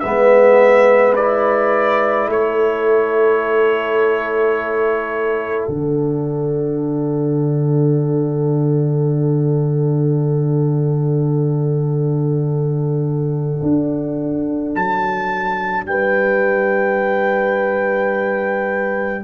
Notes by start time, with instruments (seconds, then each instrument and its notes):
0.00 tuba G#3, trombone B3, horn B4, trumpet E5
1.16 trombone E4, trumpet D5
2.27 tuba A3, horn A4, trumpet C#5
5.66 tuba D3, trombone D4, trumpet F#5
13.62 tuba D4
14.75 tuba F#3, trumpet A5
15.86 tuba G3, horn B4, trumpet G5